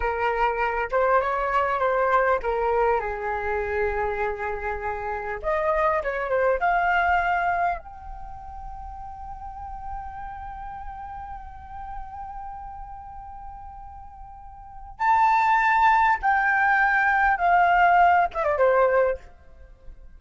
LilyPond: \new Staff \with { instrumentName = "flute" } { \time 4/4 \tempo 4 = 100 ais'4. c''8 cis''4 c''4 | ais'4 gis'2.~ | gis'4 dis''4 cis''8 c''8 f''4~ | f''4 g''2.~ |
g''1~ | g''1~ | g''4 a''2 g''4~ | g''4 f''4. e''16 d''16 c''4 | }